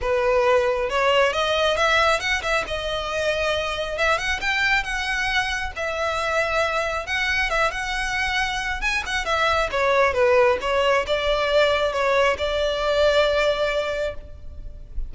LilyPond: \new Staff \with { instrumentName = "violin" } { \time 4/4 \tempo 4 = 136 b'2 cis''4 dis''4 | e''4 fis''8 e''8 dis''2~ | dis''4 e''8 fis''8 g''4 fis''4~ | fis''4 e''2. |
fis''4 e''8 fis''2~ fis''8 | gis''8 fis''8 e''4 cis''4 b'4 | cis''4 d''2 cis''4 | d''1 | }